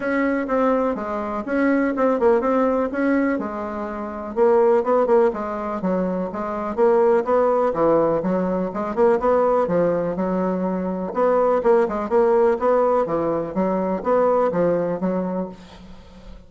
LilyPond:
\new Staff \with { instrumentName = "bassoon" } { \time 4/4 \tempo 4 = 124 cis'4 c'4 gis4 cis'4 | c'8 ais8 c'4 cis'4 gis4~ | gis4 ais4 b8 ais8 gis4 | fis4 gis4 ais4 b4 |
e4 fis4 gis8 ais8 b4 | f4 fis2 b4 | ais8 gis8 ais4 b4 e4 | fis4 b4 f4 fis4 | }